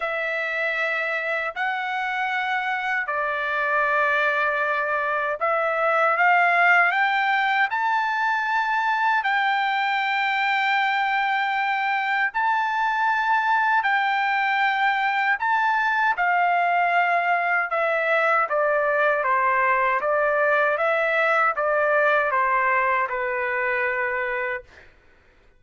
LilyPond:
\new Staff \with { instrumentName = "trumpet" } { \time 4/4 \tempo 4 = 78 e''2 fis''2 | d''2. e''4 | f''4 g''4 a''2 | g''1 |
a''2 g''2 | a''4 f''2 e''4 | d''4 c''4 d''4 e''4 | d''4 c''4 b'2 | }